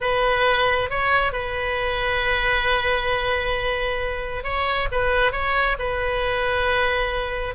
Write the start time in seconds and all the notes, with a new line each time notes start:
0.01 B4
0.89 C#5
1.32 B4
4.43 C#5
4.91 B4
5.32 C#5
5.78 B4